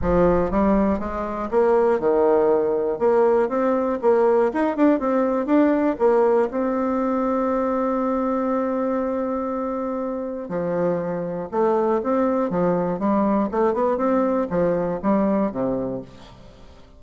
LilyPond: \new Staff \with { instrumentName = "bassoon" } { \time 4/4 \tempo 4 = 120 f4 g4 gis4 ais4 | dis2 ais4 c'4 | ais4 dis'8 d'8 c'4 d'4 | ais4 c'2.~ |
c'1~ | c'4 f2 a4 | c'4 f4 g4 a8 b8 | c'4 f4 g4 c4 | }